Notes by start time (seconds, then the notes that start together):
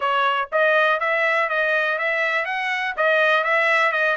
0.00 C#5
0.52 D#5
1.00 E5
1.49 D#5
1.98 E5
2.45 F#5
2.96 D#5
3.44 E5
3.92 D#5